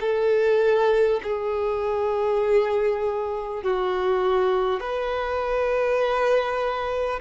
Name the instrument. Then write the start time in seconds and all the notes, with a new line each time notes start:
violin
0.00 A4
1.23 G#4
3.63 F#4
4.80 B4